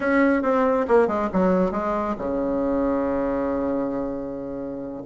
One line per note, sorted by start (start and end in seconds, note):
0.00 0.42 C#4
0.42 0.86 C4
0.88 1.07 A#3
1.07 1.29 G#3
1.32 1.71 F#3
1.71 2.15 G#3
2.18 5.02 C#3